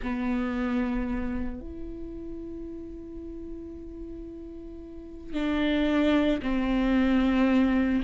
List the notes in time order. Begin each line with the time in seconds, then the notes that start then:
0.02 B3
1.60 E4
5.33 D4
6.42 C4